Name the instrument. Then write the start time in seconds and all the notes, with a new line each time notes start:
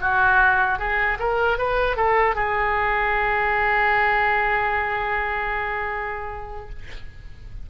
oboe
0.00 F#4
0.78 G#4
1.19 A#4
1.58 B4
1.96 A4
2.35 G#4